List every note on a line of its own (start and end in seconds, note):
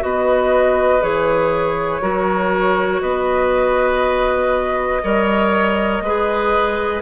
0.00 1.03 B3
0.00 1.00 F#4
0.00 2.02 B4
0.00 1.03 D#5
1.01 2.02 E3
1.01 2.01 G#4
1.01 3.02 C#5
2.01 3.02 F#3
2.01 5.01 F#4
2.01 3.02 A#4
3.02 5.02 B3
3.02 5.02 B4
3.02 7.02 D#5
5.03 6.01 G3
5.03 6.03 A#4
5.03 6.03 C#5
6.01 7.01 G#3
6.01 7.02 G#4
6.01 7.02 B4